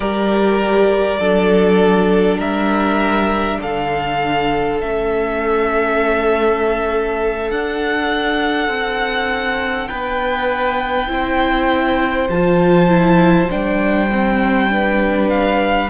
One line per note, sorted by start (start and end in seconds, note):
0.00 1.19 G3
0.00 1.20 G4
0.00 1.20 A#4
0.00 2.40 D5
1.19 2.39 F#3
1.19 4.80 D4
1.19 2.38 A4
2.38 3.58 G3
2.38 3.58 A#4
2.38 3.60 E5
3.60 4.82 D3
3.60 9.88 A4
3.60 4.80 F5
4.80 7.50 A3
4.80 7.48 C#4
4.80 7.50 E5
7.48 11.08 D4
7.48 8.68 D4
7.48 9.87 F#5
8.68 9.88 C4
9.87 11.08 B3
9.87 11.08 B4
9.87 12.27 G5
11.08 12.28 C4
11.08 12.28 E4
11.08 14.71 C5
12.29 13.48 F3
12.29 12.88 F4
12.29 13.50 A5
12.88 13.48 E4
13.49 15.89 G3
13.49 14.09 D4
13.49 15.29 G5
14.11 14.69 C4
14.69 15.89 D4
14.69 15.89 B4
15.29 15.89 F5